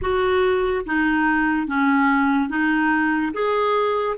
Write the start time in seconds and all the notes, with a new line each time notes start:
0.01 F#4
0.86 D#4
1.67 C#4
2.48 D#4
3.33 G#4